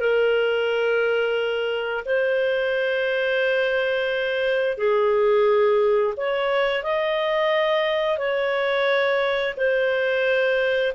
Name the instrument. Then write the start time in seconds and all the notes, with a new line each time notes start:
clarinet
0.00 A#4
2.05 C5
4.78 G#4
6.17 C#5
6.83 D#5
8.18 C#5
9.57 C5